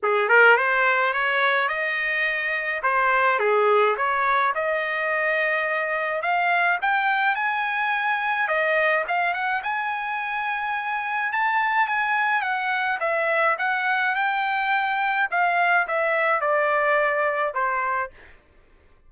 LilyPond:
\new Staff \with { instrumentName = "trumpet" } { \time 4/4 \tempo 4 = 106 gis'8 ais'8 c''4 cis''4 dis''4~ | dis''4 c''4 gis'4 cis''4 | dis''2. f''4 | g''4 gis''2 dis''4 |
f''8 fis''8 gis''2. | a''4 gis''4 fis''4 e''4 | fis''4 g''2 f''4 | e''4 d''2 c''4 | }